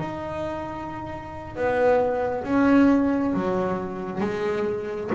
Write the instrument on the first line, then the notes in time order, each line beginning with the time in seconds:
double bass
0.00 D#4
1.56 B3
2.44 C#4
3.34 F#3
4.21 G#3